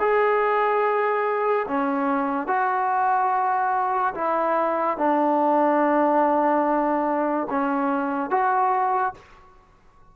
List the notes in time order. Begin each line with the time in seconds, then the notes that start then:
0.00 G#4
1.68 C#4
2.48 F#4
4.15 E4
4.98 D4
7.50 C#4
8.31 F#4